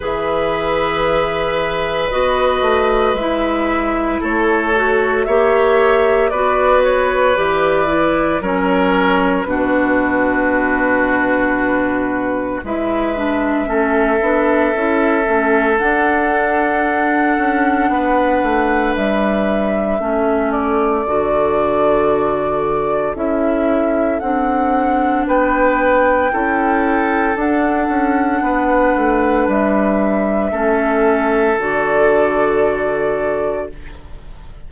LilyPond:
<<
  \new Staff \with { instrumentName = "flute" } { \time 4/4 \tempo 4 = 57 e''2 dis''4 e''4 | cis''4 e''4 d''8 cis''8 d''4 | cis''4 b'2. | e''2. fis''4~ |
fis''2 e''4. d''8~ | d''2 e''4 fis''4 | g''2 fis''2 | e''2 d''2 | }
  \new Staff \with { instrumentName = "oboe" } { \time 4/4 b'1 | a'4 cis''4 b'2 | ais'4 fis'2. | b'4 a'2.~ |
a'4 b'2 a'4~ | a'1 | b'4 a'2 b'4~ | b'4 a'2. | }
  \new Staff \with { instrumentName = "clarinet" } { \time 4/4 gis'2 fis'4 e'4~ | e'8 fis'8 g'4 fis'4 g'8 e'8 | cis'4 d'2. | e'8 d'8 cis'8 d'8 e'8 cis'8 d'4~ |
d'2. cis'4 | fis'2 e'4 d'4~ | d'4 e'4 d'2~ | d'4 cis'4 fis'2 | }
  \new Staff \with { instrumentName = "bassoon" } { \time 4/4 e2 b8 a8 gis4 | a4 ais4 b4 e4 | fis4 b,2. | gis4 a8 b8 cis'8 a8 d'4~ |
d'8 cis'8 b8 a8 g4 a4 | d2 cis'4 c'4 | b4 cis'4 d'8 cis'8 b8 a8 | g4 a4 d2 | }
>>